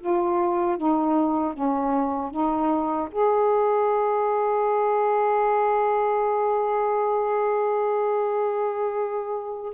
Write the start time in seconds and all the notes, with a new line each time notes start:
0.00 F4
0.77 D#4
1.54 C#4
2.31 D#4
3.11 G#4